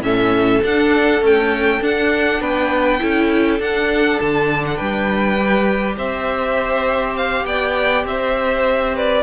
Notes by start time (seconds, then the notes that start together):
0.00 A2 C#4 A4 E5
0.63 D4 F#5
1.21 A3 C#4 G5
1.81 D4 F#5
2.40 B3 B4 G5
3.00 C#4 E4 A4
3.59 D4 F#5
4.20 D3 A5
4.66 F#5
4.76 G3 B4 G5
5.39 G4
5.97 C4 C5 E5
7.16 F5
7.44 B3 D5 G5
8.04 C4 C5 E5
8.94 B4 D5